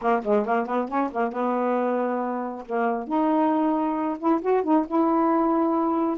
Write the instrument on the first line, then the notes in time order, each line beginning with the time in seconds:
saxophone
0.01 A#3
0.23 G#3
0.45 A#3
0.66 B3
0.88 C#4
1.11 A#3
1.32 B3
2.66 A#3
3.07 D#4
4.19 E4
4.41 F#4
4.63 D#4
4.87 E4